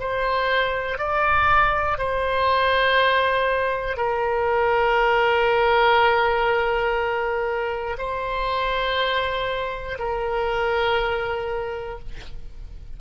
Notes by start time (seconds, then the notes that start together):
0.00 C5
0.99 D5
1.98 C5
3.97 A#4
7.98 C5
9.99 A#4